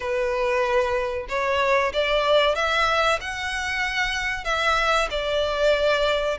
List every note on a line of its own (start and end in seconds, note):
0.00 1.26 B4
1.28 1.92 C#5
1.93 2.55 D5
2.55 3.19 E5
3.20 4.44 F#5
4.44 5.08 E5
5.10 6.37 D5